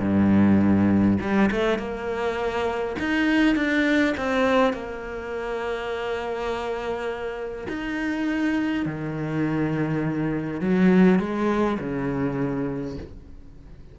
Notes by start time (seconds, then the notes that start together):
0.00 G2
1.21 G3
1.51 A3
1.78 A#3
2.99 D#4
3.56 D4
4.17 C4
4.73 A#3
7.68 D#4
8.86 D#3
10.61 F#3
11.19 G#3
11.79 C#3